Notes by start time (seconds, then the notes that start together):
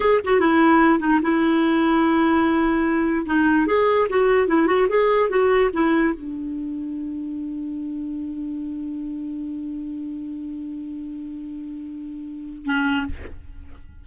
0.00 G#4
0.24 F#4
0.40 E4
0.99 D#4
1.22 E4
3.26 D#4
3.67 G#4
4.09 F#4
4.47 E4
4.66 F#4
4.88 G#4
5.29 F#4
5.73 E4
6.14 D4
12.65 C#4